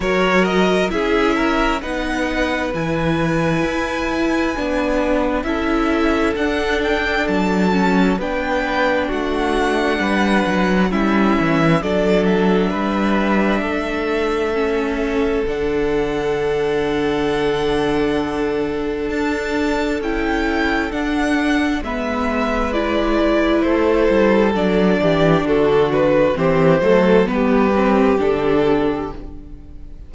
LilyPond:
<<
  \new Staff \with { instrumentName = "violin" } { \time 4/4 \tempo 4 = 66 cis''8 dis''8 e''4 fis''4 gis''4~ | gis''2 e''4 fis''8 g''8 | a''4 g''4 fis''2 | e''4 d''8 e''2~ e''8~ |
e''4 fis''2.~ | fis''4 a''4 g''4 fis''4 | e''4 d''4 c''4 d''4 | a'8 b'8 c''4 b'4 a'4 | }
  \new Staff \with { instrumentName = "violin" } { \time 4/4 ais'4 gis'8 ais'8 b'2~ | b'2 a'2~ | a'4 b'4 fis'4 b'4 | e'4 a'4 b'4 a'4~ |
a'1~ | a'1 | b'2 a'4. g'8 | fis'4 g'8 a'8 g'2 | }
  \new Staff \with { instrumentName = "viola" } { \time 4/4 fis'4 e'4 dis'4 e'4~ | e'4 d'4 e'4 d'4~ | d'8 cis'8 d'2. | cis'4 d'2. |
cis'4 d'2.~ | d'2 e'4 d'4 | b4 e'2 d'4~ | d'4 c'8 a8 b8 c'8 d'4 | }
  \new Staff \with { instrumentName = "cello" } { \time 4/4 fis4 cis'4 b4 e4 | e'4 b4 cis'4 d'4 | fis4 b4 a4 g8 fis8 | g8 e8 fis4 g4 a4~ |
a4 d2.~ | d4 d'4 cis'4 d'4 | gis2 a8 g8 fis8 e8 | d4 e8 fis8 g4 d4 | }
>>